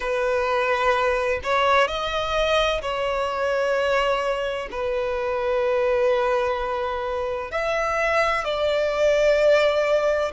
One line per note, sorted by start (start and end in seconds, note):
0.00 1.40 B4
1.43 1.87 C#5
1.87 2.81 D#5
2.81 4.69 C#5
4.71 7.51 B4
7.51 8.44 E5
8.44 10.31 D5